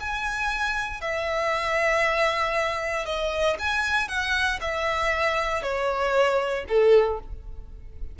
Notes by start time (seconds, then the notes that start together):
0.00 G#5
1.01 E5
3.06 D#5
3.59 G#5
4.09 F#5
4.61 E5
5.63 C#5
6.69 A4